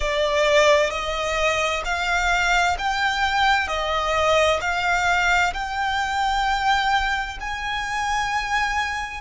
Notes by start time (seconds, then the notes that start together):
0.00 D5
0.90 D#5
1.84 F5
2.78 G5
3.67 D#5
4.60 F5
5.53 G5
7.40 G#5